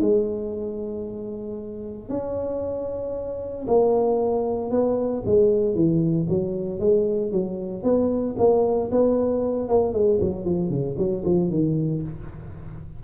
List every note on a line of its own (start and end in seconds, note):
0.00 2.09 G#3
2.09 3.65 C#4
3.67 4.71 A#3
4.71 5.23 B3
5.26 5.74 G#3
5.74 6.27 E3
6.29 6.79 F#3
6.79 7.31 G#3
7.31 7.83 F#3
7.83 8.35 B3
8.38 8.90 A#3
8.91 9.68 B3
9.68 9.93 A#3
9.93 10.19 G#3
10.20 10.45 F#3
10.45 10.70 F3
10.70 10.96 C#3
10.98 11.24 F#3
11.25 11.50 F3
11.50 12.02 D#3